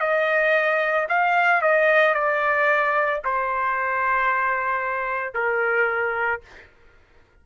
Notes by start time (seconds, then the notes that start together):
0.00 D#5
1.09 F5
1.61 D#5
2.14 D5
3.24 C5
5.34 A#4